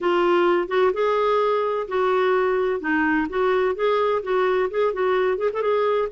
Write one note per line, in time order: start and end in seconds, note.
0.00 0.68 F4
0.68 0.91 F#4
0.93 1.87 G#4
1.87 2.80 F#4
2.80 3.27 D#4
3.29 3.75 F#4
3.75 4.22 G#4
4.22 4.69 F#4
4.70 4.93 G#4
4.93 5.37 F#4
5.37 5.49 G#4
5.53 5.61 A4
5.61 6.08 G#4